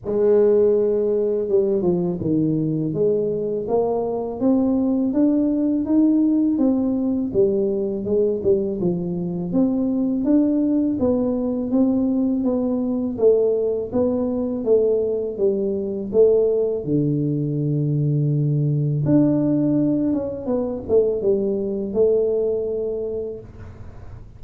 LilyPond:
\new Staff \with { instrumentName = "tuba" } { \time 4/4 \tempo 4 = 82 gis2 g8 f8 dis4 | gis4 ais4 c'4 d'4 | dis'4 c'4 g4 gis8 g8 | f4 c'4 d'4 b4 |
c'4 b4 a4 b4 | a4 g4 a4 d4~ | d2 d'4. cis'8 | b8 a8 g4 a2 | }